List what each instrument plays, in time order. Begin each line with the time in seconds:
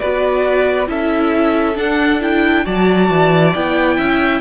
0.00 cello B3, viola F#4, violin B4 D5
0.87 cello C#4, viola E4, violin A4 E5
1.76 viola D4, cello D4, violin F#5
2.21 viola E4, violin G5
2.65 cello F#3, viola F#4, violin D5 A5
3.10 cello E3
3.54 cello B3, viola E4, violin G5
3.97 cello C#4, violin E5